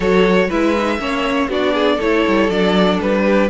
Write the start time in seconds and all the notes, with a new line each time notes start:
0.00 F#3 F#4 A4 C#5
0.48 G#3 E4 B4 E5
0.78 D#4
0.98 A#3 C#4 C#5
1.49 B3 D4 F#4 D5
1.73 G#4
1.96 A3 E4 A4 C#5
2.27 G3
2.49 F#3 D4 D5
3.00 G3 B4
3.25 G4